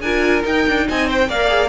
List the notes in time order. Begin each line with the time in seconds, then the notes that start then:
0.00 D4 F4 A#4 G#5
0.42 D#4 G5
0.67 D4
0.88 C4 D#5 G#5
1.06 C5 G5
1.28 A#3 A#4 D5 F5
1.47 G#4